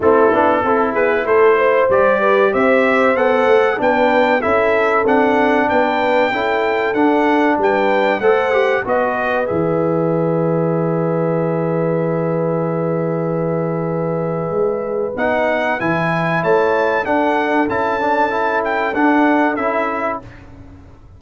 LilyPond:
<<
  \new Staff \with { instrumentName = "trumpet" } { \time 4/4 \tempo 4 = 95 a'4. b'8 c''4 d''4 | e''4 fis''4 g''4 e''4 | fis''4 g''2 fis''4 | g''4 fis''4 dis''4 e''4~ |
e''1~ | e''1 | fis''4 gis''4 a''4 fis''4 | a''4. g''8 fis''4 e''4 | }
  \new Staff \with { instrumentName = "horn" } { \time 4/4 e'4 a'8 gis'8 a'8 c''4 b'8 | c''2 b'4 a'4~ | a'4 b'4 a'2 | b'4 c''4 b'2~ |
b'1~ | b'1~ | b'2 cis''4 a'4~ | a'1 | }
  \new Staff \with { instrumentName = "trombone" } { \time 4/4 c'8 d'8 e'2 g'4~ | g'4 a'4 d'4 e'4 | d'2 e'4 d'4~ | d'4 a'8 g'8 fis'4 gis'4~ |
gis'1~ | gis'1 | dis'4 e'2 d'4 | e'8 d'8 e'4 d'4 e'4 | }
  \new Staff \with { instrumentName = "tuba" } { \time 4/4 a8 b8 c'8 b8 a4 g4 | c'4 b8 a8 b4 cis'4 | c'4 b4 cis'4 d'4 | g4 a4 b4 e4~ |
e1~ | e2. gis4 | b4 e4 a4 d'4 | cis'2 d'4 cis'4 | }
>>